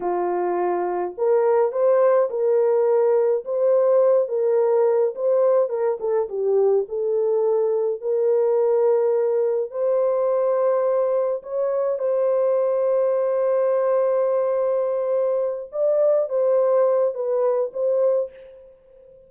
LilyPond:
\new Staff \with { instrumentName = "horn" } { \time 4/4 \tempo 4 = 105 f'2 ais'4 c''4 | ais'2 c''4. ais'8~ | ais'4 c''4 ais'8 a'8 g'4 | a'2 ais'2~ |
ais'4 c''2. | cis''4 c''2.~ | c''2.~ c''8 d''8~ | d''8 c''4. b'4 c''4 | }